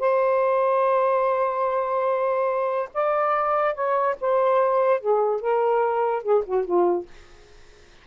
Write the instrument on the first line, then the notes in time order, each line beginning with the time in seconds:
saxophone
0.00 C5
2.94 D5
3.75 C#5
4.21 C5
5.01 G#4
5.41 A#4
6.23 G#4
6.45 F#4
6.65 F4